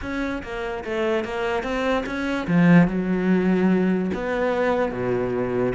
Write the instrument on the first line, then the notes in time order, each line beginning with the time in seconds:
cello
0.01 C#4
0.42 A#3
0.84 A3
1.24 A#3
1.63 C4
2.05 C#4
2.47 F3
2.87 F#3
4.13 B3
4.91 B2